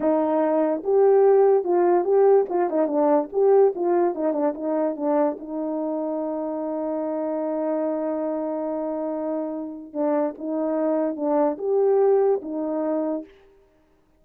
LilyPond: \new Staff \with { instrumentName = "horn" } { \time 4/4 \tempo 4 = 145 dis'2 g'2 | f'4 g'4 f'8 dis'8 d'4 | g'4 f'4 dis'8 d'8 dis'4 | d'4 dis'2.~ |
dis'1~ | dis'1 | d'4 dis'2 d'4 | g'2 dis'2 | }